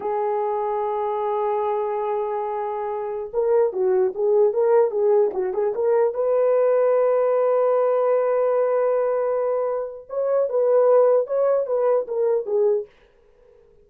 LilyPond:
\new Staff \with { instrumentName = "horn" } { \time 4/4 \tempo 4 = 149 gis'1~ | gis'1~ | gis'16 ais'4 fis'4 gis'4 ais'8.~ | ais'16 gis'4 fis'8 gis'8 ais'4 b'8.~ |
b'1~ | b'1~ | b'4 cis''4 b'2 | cis''4 b'4 ais'4 gis'4 | }